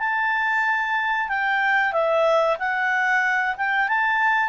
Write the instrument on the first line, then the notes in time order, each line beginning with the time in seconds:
clarinet
0.00 A5
1.29 G5
1.93 E5
2.60 F#5
3.57 G5
3.89 A5